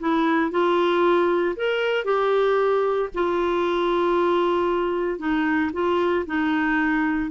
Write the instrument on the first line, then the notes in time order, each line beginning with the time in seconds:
clarinet
0.00 E4
0.51 F4
1.56 A#4
2.05 G4
3.14 F4
5.19 D#4
5.73 F4
6.26 D#4